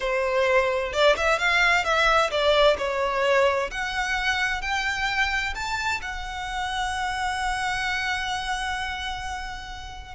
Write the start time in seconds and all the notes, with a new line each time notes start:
0.00 C5
0.93 D5
1.16 E5
1.38 F5
1.84 E5
2.30 D5
2.78 C#5
3.70 F#5
4.61 G5
5.54 A5
6.01 F#5